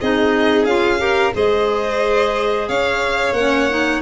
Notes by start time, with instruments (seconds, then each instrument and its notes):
0.00 tuba C4, clarinet D#4, violin G#4 D#5
0.65 tuba C#4, clarinet F4, violin F5
0.98 clarinet G4, violin A#4
1.33 tuba G#3, clarinet G#4, violin C5 D#5
2.68 tuba C#4, violin C#5 F5
3.32 tuba A#3, clarinet C#4, violin F#5
3.69 clarinet D#4